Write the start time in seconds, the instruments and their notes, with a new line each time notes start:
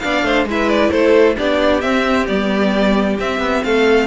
0.00 cello B3, viola D4, violin D5 F5
0.23 cello A3, violin C5
0.45 cello G#3, viola E4
0.51 violin B4 E5
0.70 violin D5
0.91 cello A3, violin A4 C5
1.37 cello B3, viola D4, violin G4 D5
1.81 viola C4, cello C4, violin E5
2.28 cello G3, viola B3, violin D5
3.20 cello C4, viola C4, violin E5
3.40 cello B3
3.64 cello A3, violin A4 F5